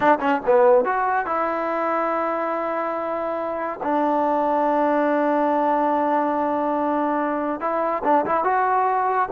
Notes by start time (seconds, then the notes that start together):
0.00 D4
0.20 C#4
0.46 B3
0.84 F#4
1.26 E4
3.82 D4
7.60 E4
8.04 D4
8.25 E4
8.44 F#4